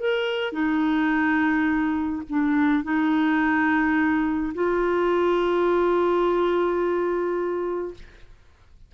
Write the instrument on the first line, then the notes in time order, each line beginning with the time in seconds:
clarinet
0.00 A#4
0.53 D#4
2.30 D4
2.84 D#4
4.55 F4